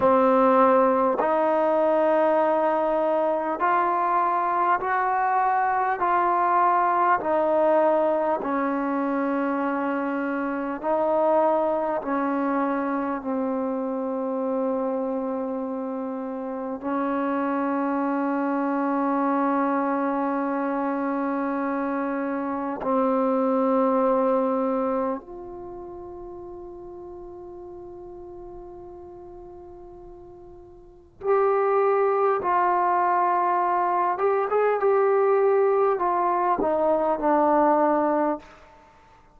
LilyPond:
\new Staff \with { instrumentName = "trombone" } { \time 4/4 \tempo 4 = 50 c'4 dis'2 f'4 | fis'4 f'4 dis'4 cis'4~ | cis'4 dis'4 cis'4 c'4~ | c'2 cis'2~ |
cis'2. c'4~ | c'4 f'2.~ | f'2 g'4 f'4~ | f'8 g'16 gis'16 g'4 f'8 dis'8 d'4 | }